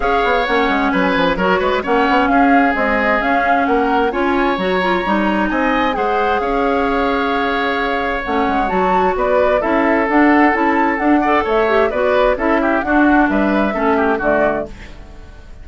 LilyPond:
<<
  \new Staff \with { instrumentName = "flute" } { \time 4/4 \tempo 4 = 131 f''4 fis''4 gis''4 cis''4 | fis''4 f''4 dis''4 f''4 | fis''4 gis''4 ais''2 | gis''4 fis''4 f''2~ |
f''2 fis''4 a''4 | d''4 e''4 fis''4 a''4 | fis''4 e''4 d''4 e''4 | fis''4 e''2 d''4 | }
  \new Staff \with { instrumentName = "oboe" } { \time 4/4 cis''2 b'4 ais'8 b'8 | cis''4 gis'2. | ais'4 cis''2. | dis''4 c''4 cis''2~ |
cis''1 | b'4 a'2.~ | a'8 d''8 cis''4 b'4 a'8 g'8 | fis'4 b'4 a'8 g'8 fis'4 | }
  \new Staff \with { instrumentName = "clarinet" } { \time 4/4 gis'4 cis'2 fis'4 | cis'2 gis4 cis'4~ | cis'4 f'4 fis'8 f'8 dis'4~ | dis'4 gis'2.~ |
gis'2 cis'4 fis'4~ | fis'4 e'4 d'4 e'4 | d'8 a'4 g'8 fis'4 e'4 | d'2 cis'4 a4 | }
  \new Staff \with { instrumentName = "bassoon" } { \time 4/4 cis'8 b8 ais8 gis8 fis8 f8 fis8 gis8 | ais8 b8 cis'4 c'4 cis'4 | ais4 cis'4 fis4 g4 | c'4 gis4 cis'2~ |
cis'2 a8 gis8 fis4 | b4 cis'4 d'4 cis'4 | d'4 a4 b4 cis'4 | d'4 g4 a4 d4 | }
>>